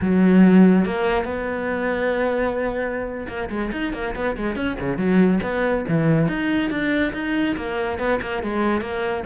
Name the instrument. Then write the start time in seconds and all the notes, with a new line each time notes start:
cello
0.01 F#3
0.85 A#3
1.25 B3
3.27 A#3
3.49 G#3
3.72 D#4
3.93 A#3
4.15 B3
4.36 G#3
4.55 C#4
4.80 C#3
4.97 F#3
5.42 B3
5.88 E3
6.28 D#4
6.70 D4
7.13 D#4
7.56 A#3
7.98 B3
8.21 A#3
8.43 G#3
8.81 A#3